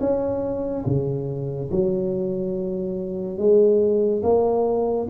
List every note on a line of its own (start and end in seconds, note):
0.00 0.85 C#4
0.86 1.70 C#3
1.71 3.38 F#3
3.38 4.22 G#3
4.23 5.07 A#3